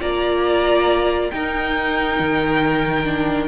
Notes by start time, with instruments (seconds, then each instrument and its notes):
0.00 cello A#3, viola F4, violin D5 A#5
1.30 cello D#4, viola D#4, violin A#4 G5
2.19 cello D#3
3.04 viola D4